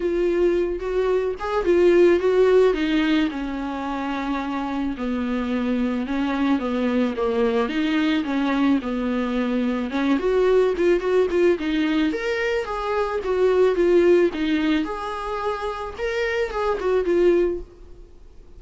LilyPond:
\new Staff \with { instrumentName = "viola" } { \time 4/4 \tempo 4 = 109 f'4. fis'4 gis'8 f'4 | fis'4 dis'4 cis'2~ | cis'4 b2 cis'4 | b4 ais4 dis'4 cis'4 |
b2 cis'8 fis'4 f'8 | fis'8 f'8 dis'4 ais'4 gis'4 | fis'4 f'4 dis'4 gis'4~ | gis'4 ais'4 gis'8 fis'8 f'4 | }